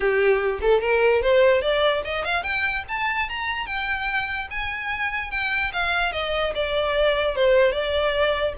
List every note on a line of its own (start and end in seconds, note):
0.00 0.59 G4
0.61 0.81 A4
0.81 1.22 A#4
1.22 1.61 C5
1.61 2.02 D5
2.04 2.24 D#5
2.24 2.43 F5
2.43 2.84 G5
2.88 3.29 A5
3.29 3.66 A#5
3.66 4.48 G5
4.50 5.30 G#5
5.30 5.71 G5
5.73 6.12 F5
6.12 6.53 D#5
6.55 7.35 D5
7.35 7.71 C5
7.71 8.53 D5